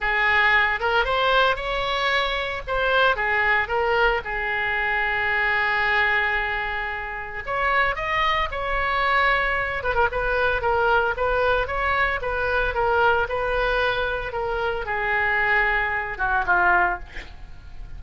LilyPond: \new Staff \with { instrumentName = "oboe" } { \time 4/4 \tempo 4 = 113 gis'4. ais'8 c''4 cis''4~ | cis''4 c''4 gis'4 ais'4 | gis'1~ | gis'2 cis''4 dis''4 |
cis''2~ cis''8 b'16 ais'16 b'4 | ais'4 b'4 cis''4 b'4 | ais'4 b'2 ais'4 | gis'2~ gis'8 fis'8 f'4 | }